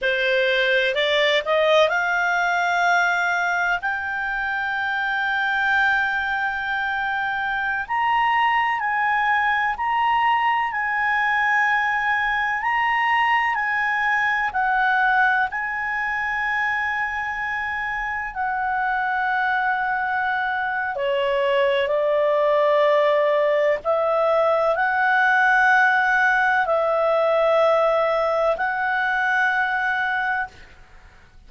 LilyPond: \new Staff \with { instrumentName = "clarinet" } { \time 4/4 \tempo 4 = 63 c''4 d''8 dis''8 f''2 | g''1~ | g''16 ais''4 gis''4 ais''4 gis''8.~ | gis''4~ gis''16 ais''4 gis''4 fis''8.~ |
fis''16 gis''2. fis''8.~ | fis''2 cis''4 d''4~ | d''4 e''4 fis''2 | e''2 fis''2 | }